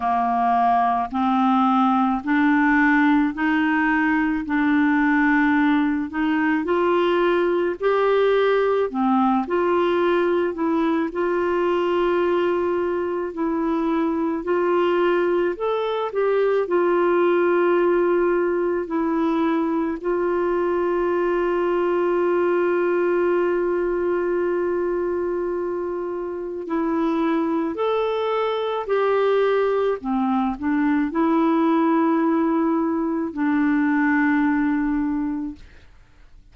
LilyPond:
\new Staff \with { instrumentName = "clarinet" } { \time 4/4 \tempo 4 = 54 ais4 c'4 d'4 dis'4 | d'4. dis'8 f'4 g'4 | c'8 f'4 e'8 f'2 | e'4 f'4 a'8 g'8 f'4~ |
f'4 e'4 f'2~ | f'1 | e'4 a'4 g'4 c'8 d'8 | e'2 d'2 | }